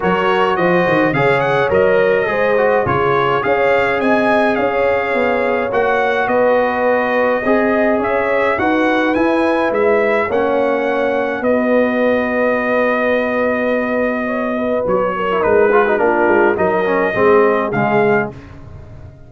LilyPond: <<
  \new Staff \with { instrumentName = "trumpet" } { \time 4/4 \tempo 4 = 105 cis''4 dis''4 f''8 fis''8 dis''4~ | dis''4 cis''4 f''4 gis''4 | f''2 fis''4 dis''4~ | dis''2 e''4 fis''4 |
gis''4 e''4 fis''2 | dis''1~ | dis''2 cis''4 b'4 | ais'4 dis''2 f''4 | }
  \new Staff \with { instrumentName = "horn" } { \time 4/4 ais'4 c''4 cis''2 | c''4 gis'4 cis''4 dis''4 | cis''2. b'4~ | b'4 dis''4 cis''4 b'4~ |
b'2 cis''2 | b'1~ | b'4 cis''8 b'4 ais'4 gis'16 fis'16 | f'4 ais'4 gis'2 | }
  \new Staff \with { instrumentName = "trombone" } { \time 4/4 fis'2 gis'4 ais'4 | gis'8 fis'8 f'4 gis'2~ | gis'2 fis'2~ | fis'4 gis'2 fis'4 |
e'2 cis'2 | fis'1~ | fis'2~ fis'8. e'16 dis'8 f'16 dis'16 | d'4 dis'8 cis'8 c'4 gis4 | }
  \new Staff \with { instrumentName = "tuba" } { \time 4/4 fis4 f8 dis8 cis4 fis4 | gis4 cis4 cis'4 c'4 | cis'4 b4 ais4 b4~ | b4 c'4 cis'4 dis'4 |
e'4 gis4 ais2 | b1~ | b2 fis4 gis4 | ais8 gis8 fis4 gis4 cis4 | }
>>